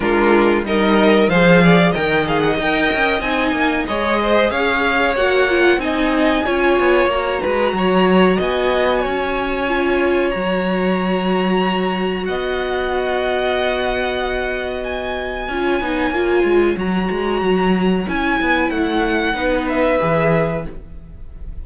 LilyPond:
<<
  \new Staff \with { instrumentName = "violin" } { \time 4/4 \tempo 4 = 93 ais'4 dis''4 f''4 g''8 f''16 fis''16 | g''4 gis''4 dis''4 f''4 | fis''4 gis''2 ais''4~ | ais''4 gis''2. |
ais''2. fis''4~ | fis''2. gis''4~ | gis''2 ais''2 | gis''4 fis''4. e''4. | }
  \new Staff \with { instrumentName = "violin" } { \time 4/4 f'4 ais'4 c''8 d''8 dis''4~ | dis''2 cis''8 c''8 cis''4~ | cis''4 dis''4 cis''4. b'8 | cis''4 dis''4 cis''2~ |
cis''2. dis''4~ | dis''1 | cis''1~ | cis''2 b'2 | }
  \new Staff \with { instrumentName = "viola" } { \time 4/4 d'4 dis'4 gis'4 ais'8 gis'8 | ais'4 dis'4 gis'2 | fis'8 f'8 dis'4 f'4 fis'4~ | fis'2. f'4 |
fis'1~ | fis'1 | f'8 dis'8 f'4 fis'2 | e'2 dis'4 gis'4 | }
  \new Staff \with { instrumentName = "cello" } { \time 4/4 gis4 g4 f4 dis4 | dis'8 cis'8 c'8 ais8 gis4 cis'4 | ais4 c'4 cis'8 b8 ais8 gis8 | fis4 b4 cis'2 |
fis2. b4~ | b1 | cis'8 b8 ais8 gis8 fis8 gis8 fis4 | cis'8 b8 a4 b4 e4 | }
>>